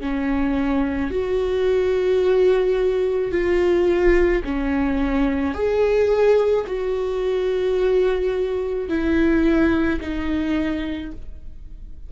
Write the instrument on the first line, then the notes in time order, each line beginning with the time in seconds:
viola
0.00 C#4
1.11 F#4
3.31 F4
4.44 C#4
5.54 G#4
6.66 F#4
8.88 E4
10.00 D#4